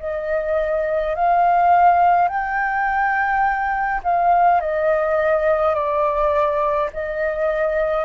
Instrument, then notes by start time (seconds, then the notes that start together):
flute
0.00 D#5
1.15 F5
2.29 G5
4.04 F5
4.61 D#5
5.75 D5
6.93 D#5